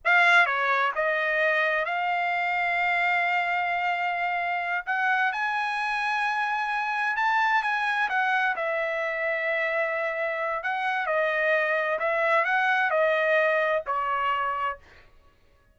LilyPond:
\new Staff \with { instrumentName = "trumpet" } { \time 4/4 \tempo 4 = 130 f''4 cis''4 dis''2 | f''1~ | f''2~ f''8 fis''4 gis''8~ | gis''2.~ gis''8 a''8~ |
a''8 gis''4 fis''4 e''4.~ | e''2. fis''4 | dis''2 e''4 fis''4 | dis''2 cis''2 | }